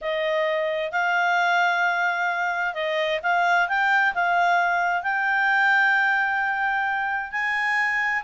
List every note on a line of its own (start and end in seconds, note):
0.01 0.92 D#5
0.92 2.74 F5
2.74 3.20 D#5
3.22 3.68 F5
3.68 4.14 G5
4.14 5.02 F5
5.02 7.31 G5
7.31 8.23 G#5